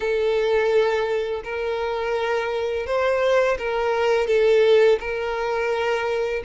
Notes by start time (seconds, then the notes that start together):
0.00 A4
1.44 A#4
2.86 C5
3.58 A#4
4.27 A4
5.00 A#4